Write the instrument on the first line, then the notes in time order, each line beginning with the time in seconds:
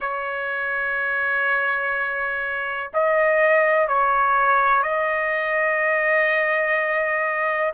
trumpet
0.00 C#5
2.93 D#5
3.88 C#5
4.83 D#5